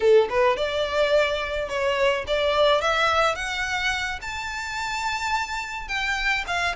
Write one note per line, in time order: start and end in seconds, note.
0.00 0.28 A4
0.29 0.56 B4
0.56 1.68 D5
1.68 2.25 C#5
2.27 2.81 D5
2.81 3.35 E5
3.35 4.19 F#5
4.21 5.88 A5
5.88 6.44 G5
6.47 6.75 F5